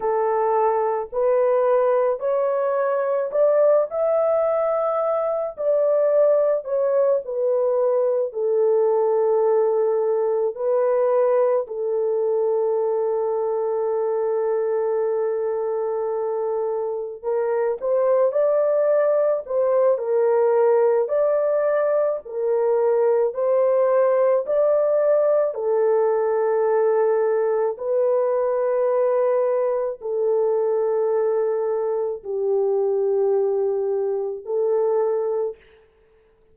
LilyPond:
\new Staff \with { instrumentName = "horn" } { \time 4/4 \tempo 4 = 54 a'4 b'4 cis''4 d''8 e''8~ | e''4 d''4 cis''8 b'4 a'8~ | a'4. b'4 a'4.~ | a'2.~ a'8 ais'8 |
c''8 d''4 c''8 ais'4 d''4 | ais'4 c''4 d''4 a'4~ | a'4 b'2 a'4~ | a'4 g'2 a'4 | }